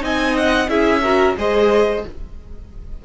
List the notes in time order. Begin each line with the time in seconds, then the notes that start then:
0.00 C4 D#4 D#5 G#5
0.37 F#5
0.68 C#4 E4 G#4 E5
1.02 F#4 A#4
1.37 G#3 G#4 C5 D#5